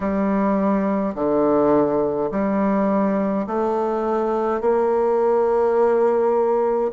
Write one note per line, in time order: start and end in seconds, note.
0.00 1.14 G3
1.14 2.30 D3
2.31 3.46 G3
3.46 4.60 A3
4.60 6.91 A#3